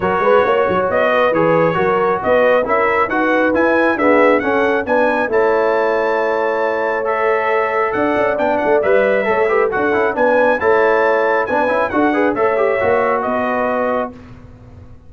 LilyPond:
<<
  \new Staff \with { instrumentName = "trumpet" } { \time 4/4 \tempo 4 = 136 cis''2 dis''4 cis''4~ | cis''4 dis''4 e''4 fis''4 | gis''4 e''4 fis''4 gis''4 | a''1 |
e''2 fis''4 g''8 fis''8 | e''2 fis''4 gis''4 | a''2 gis''4 fis''4 | e''2 dis''2 | }
  \new Staff \with { instrumentName = "horn" } { \time 4/4 ais'8 b'8 cis''4. b'4. | ais'4 b'4 ais'4 b'4~ | b'4 gis'4 a'4 b'4 | cis''1~ |
cis''2 d''2~ | d''4 cis''8 b'8 a'4 b'4 | cis''2 b'4 a'8 b'8 | cis''2 b'2 | }
  \new Staff \with { instrumentName = "trombone" } { \time 4/4 fis'2. gis'4 | fis'2 e'4 fis'4 | e'4 b4 cis'4 d'4 | e'1 |
a'2. d'4 | b'4 a'8 g'8 fis'8 e'8 d'4 | e'2 d'8 e'8 fis'8 gis'8 | a'8 g'8 fis'2. | }
  \new Staff \with { instrumentName = "tuba" } { \time 4/4 fis8 gis8 ais8 fis8 b4 e4 | fis4 b4 cis'4 dis'4 | e'4 d'4 cis'4 b4 | a1~ |
a2 d'8 cis'8 b8 a8 | g4 a4 d'8 cis'8 b4 | a2 b8 cis'8 d'4 | a4 ais4 b2 | }
>>